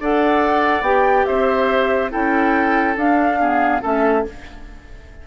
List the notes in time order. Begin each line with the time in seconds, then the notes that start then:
0.00 D4 A4 D5 F#5
0.81 B3 G4 G5
1.25 C4 C5 E5
2.10 C#4 E4 A4 G5
2.96 D4 F5
3.40 B3 G#4
3.82 A3 C#4 A4 E5